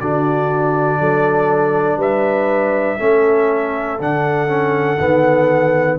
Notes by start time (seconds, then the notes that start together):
0.00 D3 D4 F#4 D5
1.00 F#3 A4
1.97 G3 B4 E5
2.98 A3 C#4 A4
3.99 D3 D4 F#5
4.47 C#4
4.99 D#3 B3